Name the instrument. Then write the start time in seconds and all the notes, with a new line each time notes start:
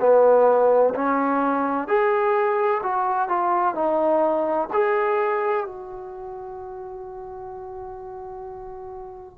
trombone
0.00 B3
0.94 C#4
1.87 G#4
2.83 F#4
3.28 F4
3.74 D#4
4.73 G#4
5.65 F#4